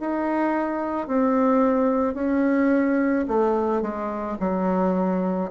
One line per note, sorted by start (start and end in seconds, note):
0.00 1.07 D#4
1.07 2.14 C4
2.14 3.25 C#4
3.28 3.81 A3
3.81 4.37 G#3
4.39 5.51 F#3